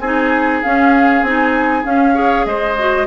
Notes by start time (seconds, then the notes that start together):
0.00 C4 D#4 G#4 G#5
0.62 C#4 F5
1.22 C4 D#4 G#5
1.84 C#4 F5
2.14 G#4 C#5
2.45 G#3 C5 D#5
2.79 F#4